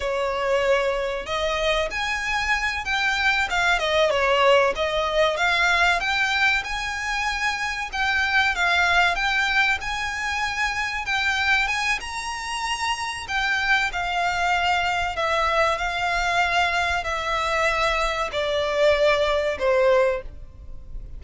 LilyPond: \new Staff \with { instrumentName = "violin" } { \time 4/4 \tempo 4 = 95 cis''2 dis''4 gis''4~ | gis''8 g''4 f''8 dis''8 cis''4 dis''8~ | dis''8 f''4 g''4 gis''4.~ | gis''8 g''4 f''4 g''4 gis''8~ |
gis''4. g''4 gis''8 ais''4~ | ais''4 g''4 f''2 | e''4 f''2 e''4~ | e''4 d''2 c''4 | }